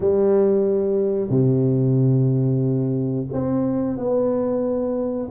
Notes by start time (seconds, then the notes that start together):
0.00 G3
1.29 C3
3.32 C4
3.97 B3